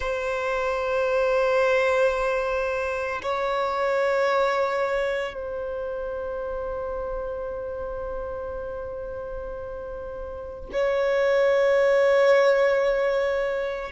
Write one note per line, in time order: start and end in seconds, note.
0.00 3.21 C5
3.22 5.33 C#5
5.33 10.69 C5
10.72 13.91 C#5